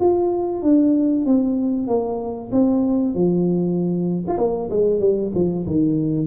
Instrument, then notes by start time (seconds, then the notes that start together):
tuba
0.00 F4
0.62 D4
1.25 C4
1.87 A#3
2.52 C4
3.15 F3
4.28 F4
4.38 A#3
4.70 G#3
5.00 G3
5.35 F3
5.67 D#3